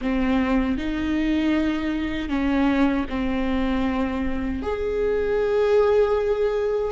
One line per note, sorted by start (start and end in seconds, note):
0.01 0.77 C4
0.77 2.29 D#4
2.29 3.06 C#4
3.09 4.62 C4
4.62 6.92 G#4